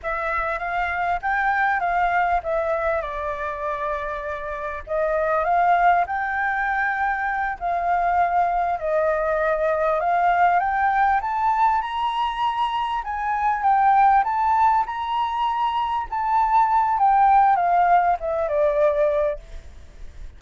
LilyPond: \new Staff \with { instrumentName = "flute" } { \time 4/4 \tempo 4 = 99 e''4 f''4 g''4 f''4 | e''4 d''2. | dis''4 f''4 g''2~ | g''8 f''2 dis''4.~ |
dis''8 f''4 g''4 a''4 ais''8~ | ais''4. gis''4 g''4 a''8~ | a''8 ais''2 a''4. | g''4 f''4 e''8 d''4. | }